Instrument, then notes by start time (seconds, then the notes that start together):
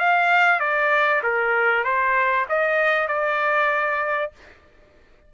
trumpet
0.00 F5
0.60 D5
1.23 A#4
1.84 C5
2.49 D#5
3.08 D5